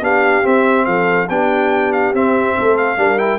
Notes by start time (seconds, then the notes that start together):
0.00 B3 D4 G4 F5
0.43 C4 E5
0.85 F3 A4 F5
1.29 B3 D4 G4 G5
1.92 F5
2.13 C4 E5
2.57 A3 A4
2.77 F5
2.97 G3 D4 A#4
3.18 E4 G5